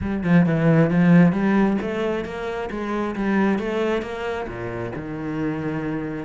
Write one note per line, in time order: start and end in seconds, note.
0.01 0.23 G3
0.23 0.46 F3
0.46 0.90 E3
0.90 1.32 F3
1.32 1.77 G3
1.81 2.24 A3
2.24 2.69 A#3
2.70 3.15 G#3
3.15 3.58 G3
3.58 4.02 A3
4.02 4.47 A#3
4.47 4.92 A#2
4.95 6.25 D#3